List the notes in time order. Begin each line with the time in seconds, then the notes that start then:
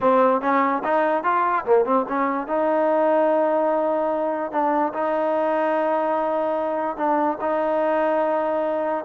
0.01 C4
0.41 C#4
0.83 D#4
1.23 F4
1.65 A#3
1.85 C4
2.08 C#4
2.47 D#4
4.51 D4
4.93 D#4
6.96 D4
7.40 D#4